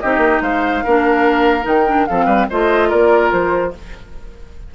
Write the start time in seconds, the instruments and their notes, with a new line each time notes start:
0.00 bassoon C4, clarinet D#4, oboe G4, flute D#5
0.17 bassoon A#3
0.41 bassoon G#3, oboe C5, flute F5
0.84 bassoon A#3, clarinet D4, oboe A#4
1.62 bassoon D#3, clarinet D#4, flute G5
1.87 clarinet D4
2.06 bassoon F3, clarinet C4, oboe A4, flute F5
2.25 bassoon G3, oboe B4
2.50 bassoon A3, clarinet F4, oboe C5, flute D#5
2.89 bassoon A#3, oboe A#4, flute D5
3.32 bassoon F3, flute C5